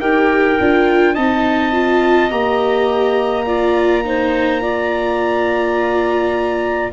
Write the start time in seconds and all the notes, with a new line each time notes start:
0.00 D#4 G4 A#4 G5
0.60 D4 F4
1.14 C4 D#4 D#5 A5
1.73 F4
2.30 A#3 G4 A#5
3.46 F4 D5
4.04 D#4 C5
4.61 F4 D5